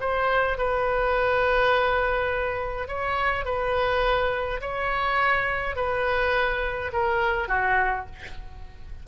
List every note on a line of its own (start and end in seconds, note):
0.00 0.58 C5
0.58 2.88 B4
2.88 3.45 C#5
3.45 4.60 B4
4.61 5.76 C#5
5.76 6.91 B4
6.93 7.48 A#4
7.48 8.06 F#4